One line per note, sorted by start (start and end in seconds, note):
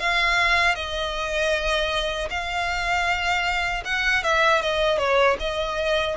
0.00 0.75 F5
0.75 2.29 D#5
2.30 3.84 F5
3.85 4.23 F#5
4.23 4.62 E5
4.62 4.98 D#5
4.98 5.37 C#5
5.40 6.17 D#5